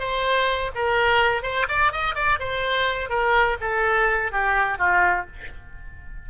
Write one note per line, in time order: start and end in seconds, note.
0.00 0.72 C5
0.75 1.43 A#4
1.43 1.67 C5
1.69 1.92 D5
1.92 2.15 D#5
2.15 2.39 D5
2.40 3.10 C5
3.10 3.58 A#4
3.61 4.32 A4
4.32 4.78 G4
4.78 5.26 F4